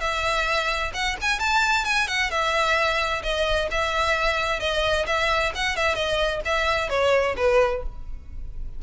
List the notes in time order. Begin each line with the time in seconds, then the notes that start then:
0.00 E5
0.93 F#5
1.21 G#5
1.39 A5
1.84 G#5
2.07 F#5
2.30 E5
3.23 D#5
3.71 E5
4.60 D#5
5.07 E5
5.55 F#5
5.76 E5
5.95 D#5
6.45 E5
6.89 C#5
7.37 B4